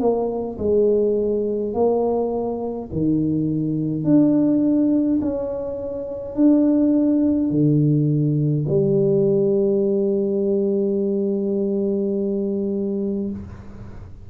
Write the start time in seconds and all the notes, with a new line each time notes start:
0.00 A#3
0.59 G#3
1.74 A#3
2.93 D#3
4.05 D4
5.22 C#4
6.36 D4
7.51 D3
8.69 G3